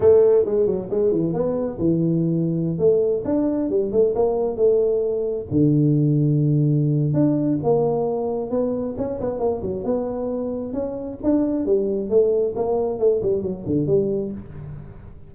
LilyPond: \new Staff \with { instrumentName = "tuba" } { \time 4/4 \tempo 4 = 134 a4 gis8 fis8 gis8 e8 b4 | e2~ e16 a4 d'8.~ | d'16 g8 a8 ais4 a4.~ a16~ | a16 d2.~ d8. |
d'4 ais2 b4 | cis'8 b8 ais8 fis8 b2 | cis'4 d'4 g4 a4 | ais4 a8 g8 fis8 d8 g4 | }